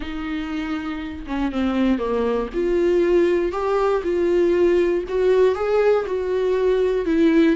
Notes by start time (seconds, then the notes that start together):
0.00 D#4
1.27 C#4
1.52 C4
1.98 A#3
2.53 F4
3.52 G4
4.03 F4
5.08 F#4
5.55 G#4
6.06 F#4
7.05 E4